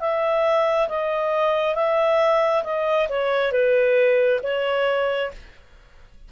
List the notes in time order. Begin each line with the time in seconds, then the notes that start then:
0.00 E5
0.89 D#5
1.75 E5
2.64 D#5
3.09 C#5
3.52 B4
4.43 C#5